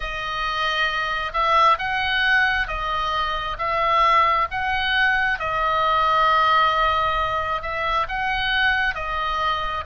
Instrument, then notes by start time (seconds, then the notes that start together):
oboe
0.00 D#5
1.33 E5
1.78 F#5
2.67 D#5
3.58 E5
4.50 F#5
5.39 D#5
7.62 E5
8.08 F#5
8.94 D#5